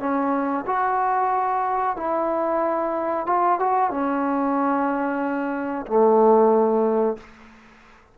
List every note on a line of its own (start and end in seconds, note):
0.00 0.65 C#4
0.67 1.97 F#4
1.97 3.27 E4
3.27 3.59 F4
3.60 3.91 F#4
3.91 5.86 C#4
5.87 7.18 A3